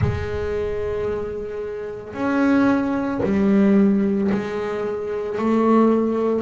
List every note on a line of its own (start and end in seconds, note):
0.01 2.13 G#3
2.13 3.20 C#4
3.23 4.30 G3
4.31 5.38 G#3
5.38 6.41 A3